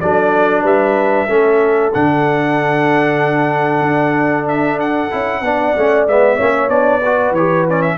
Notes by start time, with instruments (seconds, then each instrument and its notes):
0.00 tuba F#3, trombone D4, horn A4, trumpet D5
0.62 tuba G3, horn B4, trumpet E5
1.26 tuba A3, trombone C#4, horn A4
1.93 tuba D3, trombone D4, trumpet F#5
3.81 tuba D4
4.48 trumpet E5
4.80 trumpet F#5
5.10 tuba C#4, trombone E4
5.41 tuba B3, trombone D4, horn D5
5.76 tuba A3, trombone C#4
6.06 tuba G#3, trombone B3, trumpet E5
6.36 tuba A#3, trombone C#4, horn C#5
6.69 tuba B3, trombone D4, trumpet D5
7.01 trombone F#4, horn B4
7.31 tuba E3, trombone G4, trumpet C#5
7.68 trombone C#4, trumpet D5
7.82 trumpet E5